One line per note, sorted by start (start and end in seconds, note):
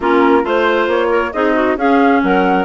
0.00 0.44 A#3
0.00 0.42 C#4
0.00 0.45 F4
0.00 0.44 A#4
0.42 0.87 A3
0.42 1.31 F4
0.42 0.89 C5
0.42 1.09 C5
0.87 1.31 A#3
0.87 1.32 C#5
1.09 1.31 A#4
1.32 1.76 C4
1.32 1.78 D#4
1.32 1.54 G#4
1.32 1.77 D#5
1.54 1.76 F#4
1.76 2.20 C#4
1.76 2.64 C#4
1.76 2.22 G#4
1.76 2.22 F5
2.23 2.64 F#3
2.23 2.64 A#4
2.23 2.64 F#5